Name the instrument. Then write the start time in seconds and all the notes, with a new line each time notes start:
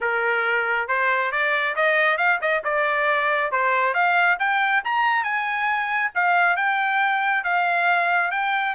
trumpet
0.00 A#4
0.87 C5
1.31 D5
1.75 D#5
2.17 F5
2.41 D#5
2.64 D5
3.51 C5
3.93 F5
4.39 G5
4.84 A#5
5.23 G#5
6.14 F5
6.56 G5
7.44 F5
8.31 G5